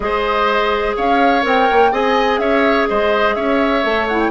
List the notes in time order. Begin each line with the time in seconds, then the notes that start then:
0.00 G#3 G#4 C5 D#5
0.96 C#4 C#5 F5
1.42 C4 A#4 G5
1.70 A#3
1.91 C4 G#4 D#5 G#5
2.38 C#4 C#5 E5
2.88 G#3 C5 D#5
3.34 C#4 C#5 E5
3.83 A3 A4
4.07 E4 F#5
4.19 G5